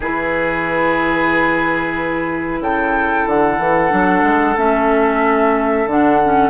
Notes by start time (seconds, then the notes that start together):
0.00 E3 E4 G#4 B4
2.60 C#3 A4 G5
3.26 D3 F#5
3.58 E3
3.90 F#3 D4
4.23 G#3
4.56 A3 C#4 E5
5.86 D3 D4 F#5
6.24 C#4